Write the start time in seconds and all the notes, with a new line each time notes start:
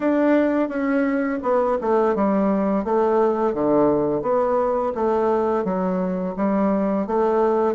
0.00 D4
0.68 C#4
1.42 B3
1.81 A3
2.15 G3
2.84 A3
3.54 D3
4.22 B3
4.94 A3
5.64 F#3
6.36 G3
7.06 A3